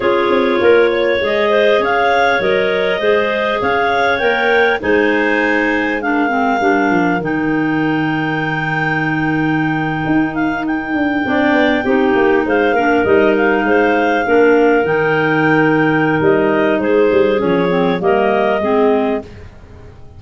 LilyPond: <<
  \new Staff \with { instrumentName = "clarinet" } { \time 4/4 \tempo 4 = 100 cis''2 dis''4 f''4 | dis''2 f''4 g''4 | gis''2 f''2 | g''1~ |
g''4~ g''16 f''8 g''2~ g''16~ | g''8. f''4 dis''8 f''4.~ f''16~ | f''8. g''2~ g''16 dis''4 | c''4 cis''4 dis''2 | }
  \new Staff \with { instrumentName = "clarinet" } { \time 4/4 gis'4 ais'8 cis''4 c''8 cis''4~ | cis''4 c''4 cis''2 | c''2 ais'2~ | ais'1~ |
ais'2~ ais'8. d''4 g'16~ | g'8. c''8 ais'4. c''4 ais'16~ | ais'1 | gis'2 ais'4 gis'4 | }
  \new Staff \with { instrumentName = "clarinet" } { \time 4/4 f'2 gis'2 | ais'4 gis'2 ais'4 | dis'2 d'8 c'8 d'4 | dis'1~ |
dis'2~ dis'8. d'4 dis'16~ | dis'4~ dis'16 d'8 dis'2 d'16~ | d'8. dis'2.~ dis'16~ | dis'4 cis'8 c'8 ais4 c'4 | }
  \new Staff \with { instrumentName = "tuba" } { \time 4/4 cis'8 c'8 ais4 gis4 cis'4 | fis4 gis4 cis'4 ais4 | gis2. g8 f8 | dis1~ |
dis8. dis'4. d'8 c'8 b8 c'16~ | c'16 ais8 gis8 ais8 g4 gis4 ais16~ | ais8. dis2~ dis16 g4 | gis8 g8 f4 g4 gis4 | }
>>